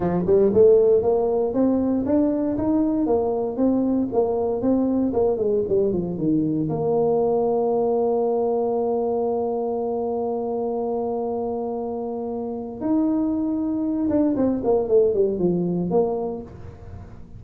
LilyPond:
\new Staff \with { instrumentName = "tuba" } { \time 4/4 \tempo 4 = 117 f8 g8 a4 ais4 c'4 | d'4 dis'4 ais4 c'4 | ais4 c'4 ais8 gis8 g8 f8 | dis4 ais2.~ |
ais1~ | ais1~ | ais4 dis'2~ dis'8 d'8 | c'8 ais8 a8 g8 f4 ais4 | }